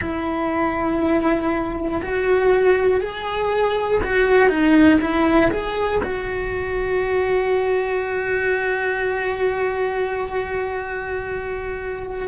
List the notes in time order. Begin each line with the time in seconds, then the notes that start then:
0.00 E4
2.02 F#4
3.00 G#4
4.03 F#4
4.48 D#4
5.00 E4
5.50 G#4
6.03 F#4